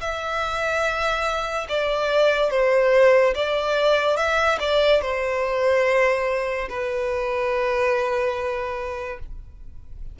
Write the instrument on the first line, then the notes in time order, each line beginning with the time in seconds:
violin
0.00 E5
1.69 D5
2.50 C5
3.34 D5
4.16 E5
4.59 D5
5.02 C5
6.69 B4